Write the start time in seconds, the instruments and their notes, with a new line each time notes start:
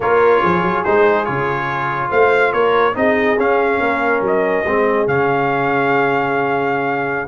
0.00 tuba A#3, trombone F4, horn A#4, trumpet C#5
0.42 tuba F3, horn G#4
0.62 tuba F#3
0.84 tuba G#3, trombone D#4, trumpet C5
1.24 tuba C#3, trombone F4, trumpet C#5
2.10 tuba A3, horn C5, trumpet F5
2.52 tuba A#3, horn A#4, trumpet C#5
2.94 tuba C4, trombone D#4, horn G#4, trumpet D#5
3.37 tuba C#4, trombone C#4, trumpet F5
3.80 tuba A#3, horn A#4
4.21 tuba F#3, trumpet D#5
4.65 tuba G#3, trombone C4, horn G#4
5.07 tuba C#3, trombone C#4, trumpet F5